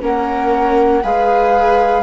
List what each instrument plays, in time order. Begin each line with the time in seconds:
0.00 bassoon A#3, viola C#4 A#4, flute F#5
1.02 bassoon G#3, viola G#4 B4, flute F5